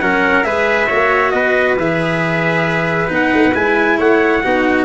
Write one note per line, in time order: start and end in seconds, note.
0.00 0.45 F#3
0.00 0.44 C#4
0.00 0.47 A#4
0.00 0.44 F#5
0.44 0.89 G#3
0.44 0.88 G#4
0.44 0.88 B4
0.44 1.31 E5
0.88 1.33 A#3
0.88 1.78 F#4
0.88 1.32 C#5
1.31 1.77 B3
1.31 3.98 B4
1.31 1.75 D#5
1.77 3.10 E3
1.77 3.08 G#4
1.77 3.12 E5
3.08 3.33 B3
3.08 3.52 D#4
3.08 3.55 F#5
3.34 3.45 A3
3.45 3.55 B3
3.54 3.99 G#3
3.54 4.42 E4
3.54 3.99 G#5
3.98 4.43 A3
3.98 4.42 C#5
3.98 4.85 F#5
4.44 4.85 B3
4.44 4.85 D#4
4.44 4.85 F#4